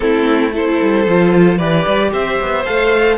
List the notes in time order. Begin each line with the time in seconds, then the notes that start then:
0.00 A3 C4 E4 A4
0.53 E4 A4 C5
0.81 G3
1.06 F3 F4
1.57 E3 G4 B4 D5
1.87 G3
2.12 C4 C5 E5
2.40 B3
2.64 A3 A4 F5